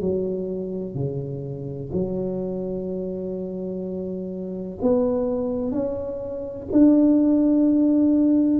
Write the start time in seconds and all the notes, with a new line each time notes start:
0.00 F#3
0.95 C#3
1.93 F#3
4.81 B3
5.71 C#4
6.71 D4